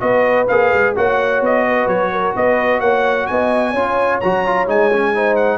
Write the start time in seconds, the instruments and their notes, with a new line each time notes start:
0.00 tuba B3, trombone F#4, horn B4, trumpet D#5
0.48 tuba A#3, trombone G#4, trumpet F5
0.74 tuba G#3
0.96 tuba A#3, trombone F#4, horn C#5, trumpet F#5
1.41 tuba B3, trumpet D#5
1.67 horn B4
1.87 tuba F#3, trumpet C#5
2.12 horn A#4
2.36 tuba B3, horn B4, trumpet D#5
2.80 tuba A#3, horn C#5, trumpet F#5
3.27 tuba B3, horn D#5, trumpet G#5
3.71 tuba C#4, trombone F4, horn C#5
4.20 tuba F#3, trombone F#4, trumpet A#5
4.46 trombone F4
4.67 tuba G#3, trombone D#4, trumpet G#5
4.93 trombone C#4
5.15 trombone D#4, horn C5
5.36 trumpet F#5